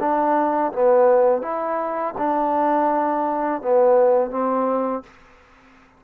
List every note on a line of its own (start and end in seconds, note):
0.00 0.72 D4
0.73 1.42 B3
1.42 2.14 E4
2.18 3.62 D4
3.62 4.31 B3
4.31 5.03 C4